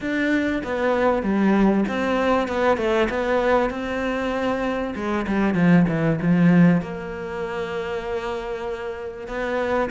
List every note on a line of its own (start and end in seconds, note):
0.00 0.62 D4
0.63 1.22 B3
1.22 1.84 G3
1.88 2.47 C4
2.47 2.77 B3
2.77 3.08 A3
3.09 3.70 B3
3.70 4.93 C4
4.95 5.26 G#3
5.27 5.54 G3
5.54 5.85 F3
5.88 6.19 E3
6.21 6.81 F3
6.81 9.27 A#3
9.27 9.89 B3